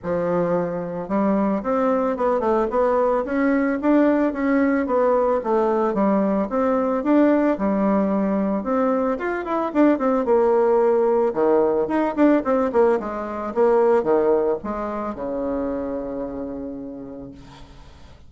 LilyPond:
\new Staff \with { instrumentName = "bassoon" } { \time 4/4 \tempo 4 = 111 f2 g4 c'4 | b8 a8 b4 cis'4 d'4 | cis'4 b4 a4 g4 | c'4 d'4 g2 |
c'4 f'8 e'8 d'8 c'8 ais4~ | ais4 dis4 dis'8 d'8 c'8 ais8 | gis4 ais4 dis4 gis4 | cis1 | }